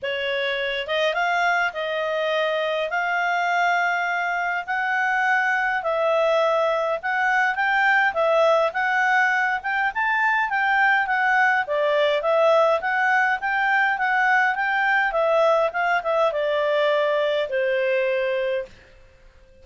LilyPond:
\new Staff \with { instrumentName = "clarinet" } { \time 4/4 \tempo 4 = 103 cis''4. dis''8 f''4 dis''4~ | dis''4 f''2. | fis''2 e''2 | fis''4 g''4 e''4 fis''4~ |
fis''8 g''8 a''4 g''4 fis''4 | d''4 e''4 fis''4 g''4 | fis''4 g''4 e''4 f''8 e''8 | d''2 c''2 | }